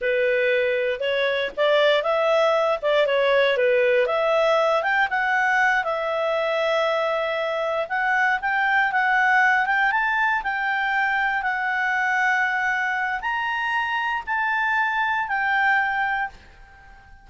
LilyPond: \new Staff \with { instrumentName = "clarinet" } { \time 4/4 \tempo 4 = 118 b'2 cis''4 d''4 | e''4. d''8 cis''4 b'4 | e''4. g''8 fis''4. e''8~ | e''2.~ e''8 fis''8~ |
fis''8 g''4 fis''4. g''8 a''8~ | a''8 g''2 fis''4.~ | fis''2 ais''2 | a''2 g''2 | }